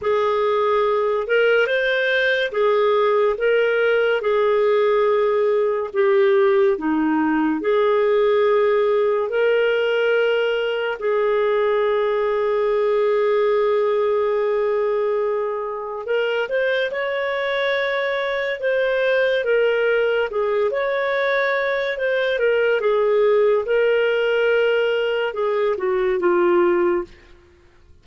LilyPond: \new Staff \with { instrumentName = "clarinet" } { \time 4/4 \tempo 4 = 71 gis'4. ais'8 c''4 gis'4 | ais'4 gis'2 g'4 | dis'4 gis'2 ais'4~ | ais'4 gis'2.~ |
gis'2. ais'8 c''8 | cis''2 c''4 ais'4 | gis'8 cis''4. c''8 ais'8 gis'4 | ais'2 gis'8 fis'8 f'4 | }